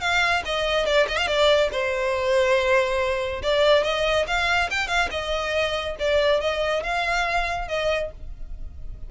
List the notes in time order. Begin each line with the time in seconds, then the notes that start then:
0.00 F5
0.45 D#5
0.85 D5
1.08 D#5
1.17 F5
1.27 D5
1.71 C5
3.42 D5
3.83 D#5
4.27 F5
4.70 G5
4.87 F5
5.11 D#5
5.99 D5
6.41 D#5
6.83 F5
7.68 D#5